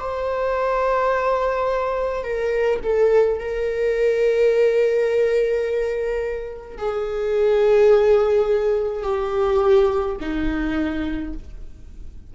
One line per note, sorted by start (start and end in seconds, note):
0.00 2.24 C5
2.24 2.80 A#4
2.84 3.40 A4
3.40 6.78 A#4
6.78 9.04 G#4
9.04 10.17 G4
10.21 11.34 D#4